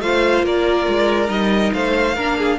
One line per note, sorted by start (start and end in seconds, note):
0.00 0.43 A3
0.00 1.27 F4
0.00 0.45 C5
0.00 0.44 F5
0.43 0.86 A#3
0.43 1.74 A#4
0.43 1.30 D5
0.88 1.29 G#3
1.27 1.72 G3
1.27 2.14 D#4
1.27 1.73 D#5
1.73 2.16 A3
1.73 2.15 C5
1.73 2.58 F5
2.15 2.58 A#3
2.15 2.58 D4
2.15 2.37 A#4
2.38 2.58 G#4